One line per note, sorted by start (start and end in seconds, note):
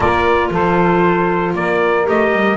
0.00 0.50 A#3
0.00 2.04 F4
0.00 0.50 A#4
0.00 0.52 D5
0.50 1.54 F3
0.50 1.55 A4
0.50 1.55 C5
1.54 2.06 A#3
1.54 2.57 A#4
1.54 2.06 D5
2.04 2.32 A3
2.04 2.56 G4
2.04 2.57 D#5
2.32 2.57 G3